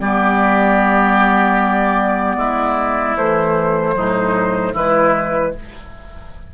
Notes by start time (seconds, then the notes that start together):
0.00 G3 B3 G4 D5
2.37 G#3 E4
3.16 E3 A3 C5
3.94 A2 F#3 D#4
4.73 E3 G#3 E4 B4